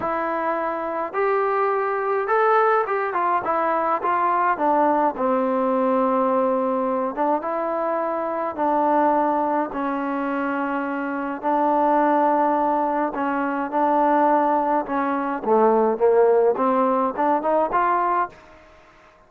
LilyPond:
\new Staff \with { instrumentName = "trombone" } { \time 4/4 \tempo 4 = 105 e'2 g'2 | a'4 g'8 f'8 e'4 f'4 | d'4 c'2.~ | c'8 d'8 e'2 d'4~ |
d'4 cis'2. | d'2. cis'4 | d'2 cis'4 a4 | ais4 c'4 d'8 dis'8 f'4 | }